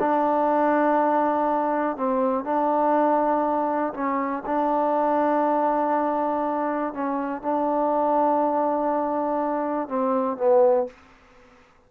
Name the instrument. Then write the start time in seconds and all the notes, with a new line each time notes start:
trombone
0.00 D4
1.97 C4
2.45 D4
3.94 C#4
4.46 D4
6.94 C#4
7.42 D4
9.89 C4
10.38 B3